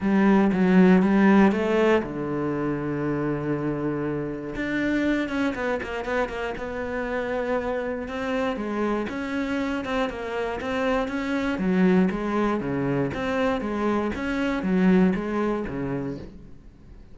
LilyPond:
\new Staff \with { instrumentName = "cello" } { \time 4/4 \tempo 4 = 119 g4 fis4 g4 a4 | d1~ | d4 d'4. cis'8 b8 ais8 | b8 ais8 b2. |
c'4 gis4 cis'4. c'8 | ais4 c'4 cis'4 fis4 | gis4 cis4 c'4 gis4 | cis'4 fis4 gis4 cis4 | }